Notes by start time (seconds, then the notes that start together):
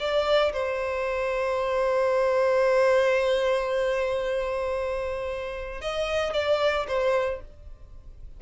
0.00 D5
0.53 C5
5.82 D#5
6.34 D5
6.88 C5